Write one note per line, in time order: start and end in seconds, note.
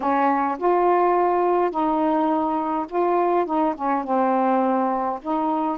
0.00 0.57 C#4
0.58 1.70 F4
1.70 2.86 D#4
2.89 3.45 F4
3.45 3.74 D#4
3.75 4.04 C#4
4.04 5.19 C4
5.22 5.78 D#4